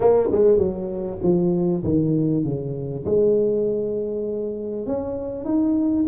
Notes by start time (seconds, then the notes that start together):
0.00 A#3
0.31 G#3
0.58 F#3
1.23 F3
1.83 D#3
2.44 C#3
3.05 G#3
4.86 C#4
5.44 D#4